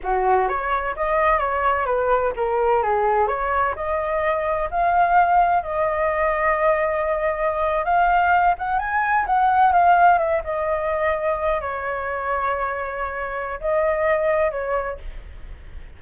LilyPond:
\new Staff \with { instrumentName = "flute" } { \time 4/4 \tempo 4 = 128 fis'4 cis''4 dis''4 cis''4 | b'4 ais'4 gis'4 cis''4 | dis''2 f''2 | dis''1~ |
dis''8. f''4. fis''8 gis''4 fis''16~ | fis''8. f''4 e''8 dis''4.~ dis''16~ | dis''8. cis''2.~ cis''16~ | cis''4 dis''2 cis''4 | }